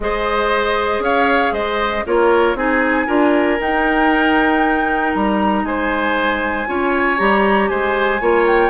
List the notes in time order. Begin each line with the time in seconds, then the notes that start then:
0.00 G#3 G#4 C5 D#5
0.99 C#4 C#5 F5
1.52 G#3 C5 D#5
2.06 A#3 F4 A#4 C#5
2.54 C4 D#4 G#4 G#5
3.06 D4 F4 A#4
3.59 D#4 G5
5.14 G3 A#5
5.63 G#3 C5 G#5
6.67 C#4 F4 C#5
7.17 G3 G4 A#5
7.68 G#3 C5 G#5
8.20 A#3 F4 C#5
8.46 G5